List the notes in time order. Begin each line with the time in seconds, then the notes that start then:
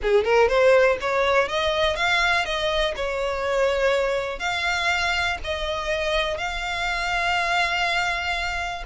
0.02 G#4
0.24 A#4
0.48 C5
1.00 C#5
1.48 D#5
1.96 F5
2.45 D#5
2.96 C#5
4.39 F5
5.43 D#5
6.37 F5